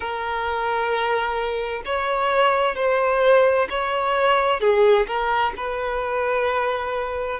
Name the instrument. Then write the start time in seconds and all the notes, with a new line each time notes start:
violin
0.00 A#4
1.85 C#5
2.75 C5
3.69 C#5
4.60 G#4
5.07 A#4
5.56 B4